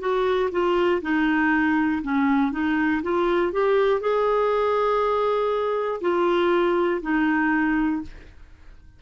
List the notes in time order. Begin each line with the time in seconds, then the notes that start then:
0.00 F#4
0.51 F4
1.01 D#4
2.02 C#4
2.51 D#4
3.03 F4
3.52 G4
4.00 G#4
6.01 F4
7.01 D#4